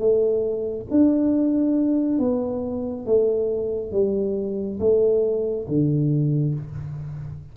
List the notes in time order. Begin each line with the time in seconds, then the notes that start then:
0.00 A3
0.91 D4
2.19 B3
3.06 A3
3.92 G3
4.80 A3
5.68 D3